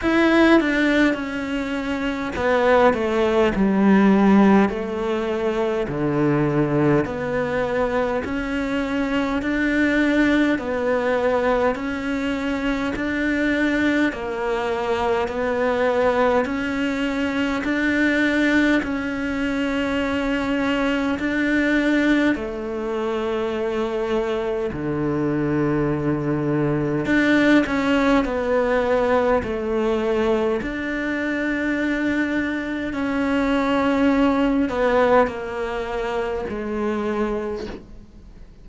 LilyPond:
\new Staff \with { instrumentName = "cello" } { \time 4/4 \tempo 4 = 51 e'8 d'8 cis'4 b8 a8 g4 | a4 d4 b4 cis'4 | d'4 b4 cis'4 d'4 | ais4 b4 cis'4 d'4 |
cis'2 d'4 a4~ | a4 d2 d'8 cis'8 | b4 a4 d'2 | cis'4. b8 ais4 gis4 | }